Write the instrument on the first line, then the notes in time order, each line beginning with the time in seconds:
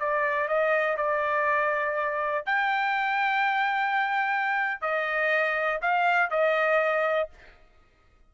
trumpet
0.00 D5
0.48 D#5
0.97 D5
2.46 G5
4.81 D#5
5.82 F5
6.31 D#5